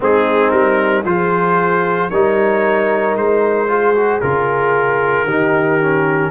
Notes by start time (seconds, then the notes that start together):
0.00 G#3 C4 D#4 G#4
0.50 G3 A#4
1.04 F3 F4 G#4 C5
2.10 G3 D#4 A#4 C#5
3.15 G#3 C5
3.68 F4 G#4
3.94 F#4
4.20 C#3 F4 A#4
5.24 D#3 D#4 G4
5.80 C#4